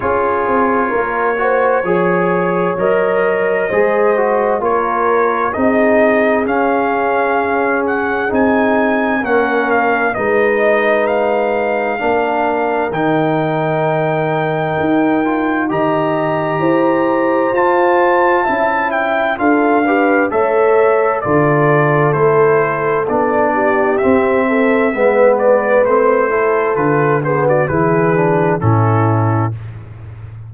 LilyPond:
<<
  \new Staff \with { instrumentName = "trumpet" } { \time 4/4 \tempo 4 = 65 cis''2. dis''4~ | dis''4 cis''4 dis''4 f''4~ | f''8 fis''8 gis''4 fis''8 f''8 dis''4 | f''2 g''2~ |
g''4 ais''2 a''4~ | a''8 g''8 f''4 e''4 d''4 | c''4 d''4 e''4. d''8 | c''4 b'8 c''16 d''16 b'4 a'4 | }
  \new Staff \with { instrumentName = "horn" } { \time 4/4 gis'4 ais'8 c''8 cis''2 | c''4 ais'4 gis'2~ | gis'2 ais'4 b'4~ | b'4 ais'2.~ |
ais'4 dis''4 c''2 | e''4 a'8 b'8 cis''4 a'4~ | a'4. g'4 a'8 b'4~ | b'8 a'4 gis'16 fis'16 gis'4 e'4 | }
  \new Staff \with { instrumentName = "trombone" } { \time 4/4 f'4. fis'8 gis'4 ais'4 | gis'8 fis'8 f'4 dis'4 cis'4~ | cis'4 dis'4 cis'4 dis'4~ | dis'4 d'4 dis'2~ |
dis'8 f'8 g'2 f'4 | e'4 f'8 g'8 a'4 f'4 | e'4 d'4 c'4 b4 | c'8 e'8 f'8 b8 e'8 d'8 cis'4 | }
  \new Staff \with { instrumentName = "tuba" } { \time 4/4 cis'8 c'8 ais4 f4 fis4 | gis4 ais4 c'4 cis'4~ | cis'4 c'4 ais4 gis4~ | gis4 ais4 dis2 |
dis'4 dis4 e'4 f'4 | cis'4 d'4 a4 d4 | a4 b4 c'4 gis4 | a4 d4 e4 a,4 | }
>>